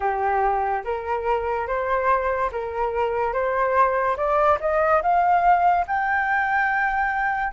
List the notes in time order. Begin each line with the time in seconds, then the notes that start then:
0.00 G4
0.84 A#4
1.67 C5
2.52 A#4
3.33 C5
4.16 D5
4.60 D#5
5.02 F5
5.87 G5